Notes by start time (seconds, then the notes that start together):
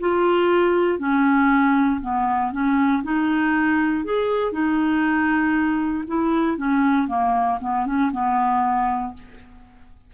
0.00 F4
0.98 C#4
2.01 B3
2.51 C#4
3.03 D#4
4.04 G#4
4.52 D#4
6.07 E4
6.57 C#4
7.08 A#3
7.61 B3
7.86 C#4
8.12 B3